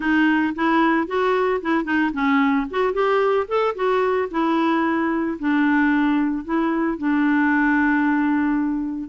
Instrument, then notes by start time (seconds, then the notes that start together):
clarinet
0.00 D#4
0.55 E4
1.07 F#4
1.61 E4
1.84 D#4
2.13 C#4
2.70 F#4
2.93 G4
3.47 A4
3.75 F#4
4.30 E4
5.39 D4
6.44 E4
6.97 D4